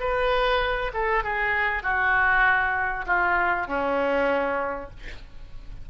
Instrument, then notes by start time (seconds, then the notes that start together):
oboe
0.00 B4
0.94 A4
1.24 G#4
1.83 F#4
3.06 F4
3.68 C#4